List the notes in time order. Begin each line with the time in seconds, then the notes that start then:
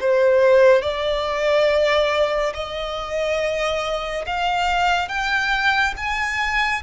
0.00 C5
0.81 D5
2.54 D#5
4.26 F5
5.08 G5
5.96 G#5